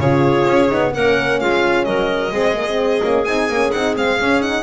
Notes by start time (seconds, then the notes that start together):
0.00 C#3 F4 G#4 C#5
0.48 C#4
0.69 B3 D#4
0.93 A#3 C#4 A#4 F#5
1.40 G#3 F4 F5
1.85 F#3 A#4 D#5
2.31 G#3 C4 G#4
2.55 A#3
2.68 C4
3.02 A#3 C#4
3.25 C4 D#4 G#5
3.49 A#3 C#4
3.72 C4 D#4 F#5
3.96 G#3 C4 F5
4.20 C#4
4.41 D#4 F#5